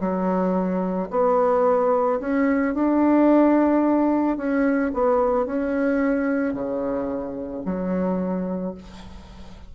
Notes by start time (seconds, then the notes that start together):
0.00 F#3
1.11 B3
2.20 C#4
2.74 D4
4.37 C#4
4.94 B3
5.46 C#4
6.54 C#3
7.65 F#3